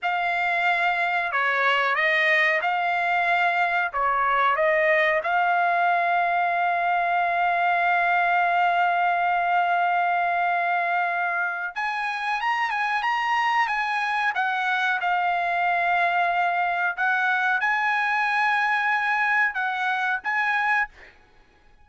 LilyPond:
\new Staff \with { instrumentName = "trumpet" } { \time 4/4 \tempo 4 = 92 f''2 cis''4 dis''4 | f''2 cis''4 dis''4 | f''1~ | f''1~ |
f''2 gis''4 ais''8 gis''8 | ais''4 gis''4 fis''4 f''4~ | f''2 fis''4 gis''4~ | gis''2 fis''4 gis''4 | }